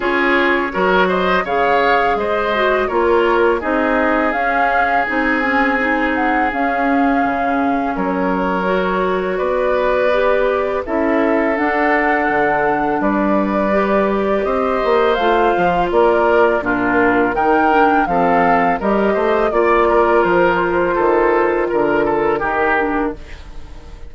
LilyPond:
<<
  \new Staff \with { instrumentName = "flute" } { \time 4/4 \tempo 4 = 83 cis''4. dis''8 f''4 dis''4 | cis''4 dis''4 f''4 gis''4~ | gis''8 fis''8 f''2 cis''4~ | cis''4 d''2 e''4 |
fis''2 d''2 | dis''4 f''4 d''4 ais'4 | g''4 f''4 dis''4 d''4 | c''2 ais'2 | }
  \new Staff \with { instrumentName = "oboe" } { \time 4/4 gis'4 ais'8 c''8 cis''4 c''4 | ais'4 gis'2.~ | gis'2. ais'4~ | ais'4 b'2 a'4~ |
a'2 b'2 | c''2 ais'4 f'4 | ais'4 a'4 ais'8 c''8 d''8 ais'8~ | ais'4 a'4 ais'8 a'8 g'4 | }
  \new Staff \with { instrumentName = "clarinet" } { \time 4/4 f'4 fis'4 gis'4. fis'8 | f'4 dis'4 cis'4 dis'8 cis'8 | dis'4 cis'2. | fis'2 g'4 e'4 |
d'2. g'4~ | g'4 f'2 d'4 | dis'8 d'8 c'4 g'4 f'4~ | f'2. dis'8 d'8 | }
  \new Staff \with { instrumentName = "bassoon" } { \time 4/4 cis'4 fis4 cis4 gis4 | ais4 c'4 cis'4 c'4~ | c'4 cis'4 cis4 fis4~ | fis4 b2 cis'4 |
d'4 d4 g2 | c'8 ais8 a8 f8 ais4 ais,4 | dis4 f4 g8 a8 ais4 | f4 dis4 d4 dis4 | }
>>